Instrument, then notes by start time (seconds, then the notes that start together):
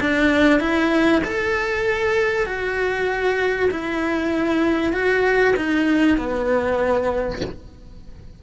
cello
0.00 D4
0.60 E4
1.24 A4
2.45 F#4
3.70 E4
4.92 F#4
5.56 D#4
6.17 B3